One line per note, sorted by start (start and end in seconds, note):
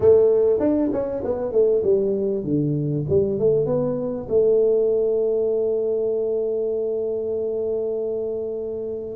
0.00 0.59 A3
0.59 0.90 D4
0.92 1.22 C#4
1.24 1.51 B3
1.51 1.82 A3
1.83 2.44 G3
2.44 3.05 D3
3.09 3.39 G3
3.39 3.66 A3
3.66 4.27 B3
4.28 9.15 A3